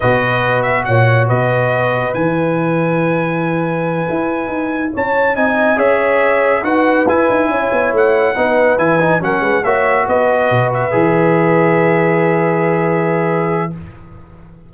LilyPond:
<<
  \new Staff \with { instrumentName = "trumpet" } { \time 4/4 \tempo 4 = 140 dis''4. e''8 fis''4 dis''4~ | dis''4 gis''2.~ | gis''2.~ gis''8 a''8~ | a''8 gis''4 e''2 fis''8~ |
fis''8 gis''2 fis''4.~ | fis''8 gis''4 fis''4 e''4 dis''8~ | dis''4 e''2.~ | e''1 | }
  \new Staff \with { instrumentName = "horn" } { \time 4/4 b'2 cis''4 b'4~ | b'1~ | b'2.~ b'8 cis''8~ | cis''8 dis''4 cis''2 b'8~ |
b'4. cis''2 b'8~ | b'4. ais'8 b'8 cis''4 b'8~ | b'1~ | b'1 | }
  \new Staff \with { instrumentName = "trombone" } { \time 4/4 fis'1~ | fis'4 e'2.~ | e'1~ | e'8 dis'4 gis'2 fis'8~ |
fis'8 e'2. dis'8~ | dis'8 e'8 dis'8 cis'4 fis'4.~ | fis'4. gis'2~ gis'8~ | gis'1 | }
  \new Staff \with { instrumentName = "tuba" } { \time 4/4 b,2 ais,4 b,4~ | b,4 e2.~ | e4. e'4 dis'4 cis'8~ | cis'8 c'4 cis'2 dis'8~ |
dis'8 e'8 dis'8 cis'8 b8 a4 b8~ | b8 e4 fis8 gis8 ais4 b8~ | b8 b,4 e2~ e8~ | e1 | }
>>